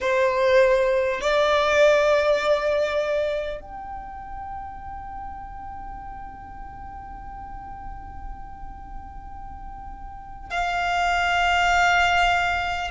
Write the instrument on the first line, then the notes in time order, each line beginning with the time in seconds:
violin
0.00 C5
1.21 D5
3.60 G5
10.50 F5